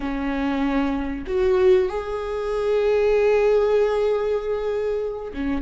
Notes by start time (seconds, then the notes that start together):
0.00 C#4
1.26 F#4
1.89 G#4
5.33 C#4